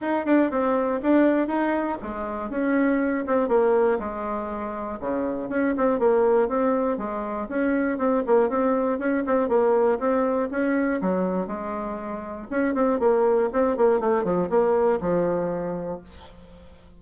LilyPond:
\new Staff \with { instrumentName = "bassoon" } { \time 4/4 \tempo 4 = 120 dis'8 d'8 c'4 d'4 dis'4 | gis4 cis'4. c'8 ais4 | gis2 cis4 cis'8 c'8 | ais4 c'4 gis4 cis'4 |
c'8 ais8 c'4 cis'8 c'8 ais4 | c'4 cis'4 fis4 gis4~ | gis4 cis'8 c'8 ais4 c'8 ais8 | a8 f8 ais4 f2 | }